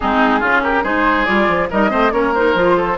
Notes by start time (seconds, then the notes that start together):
0.00 G#3 C4 D#4 G#4
0.39 C#3 C#4 F4
0.63 G4 A#4
0.83 G#3 D#4 G#4 C5
1.25 G3 F4 D5
1.48 F3
1.70 G3 D#4 A#4 D#5
1.89 A3 C4 C5
2.12 A#3 C#4 A#4 C#5
2.34 D#4 C5
2.54 F3 F4
2.76 A4